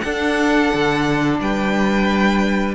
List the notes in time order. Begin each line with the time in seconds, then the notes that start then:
0.00 D4 A4 F#5
0.74 D3
1.40 G3 B4 G5